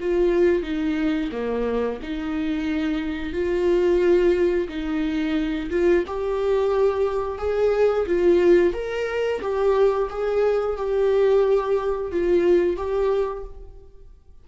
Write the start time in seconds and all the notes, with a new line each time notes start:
0.00 F4
0.63 D#4
1.32 A#3
2.03 D#4
3.33 F4
4.69 D#4
5.70 F4
6.07 G4
7.38 G#4
8.07 F4
8.74 A#4
9.41 G4
10.10 G#4
10.77 G4
12.12 F4
12.77 G4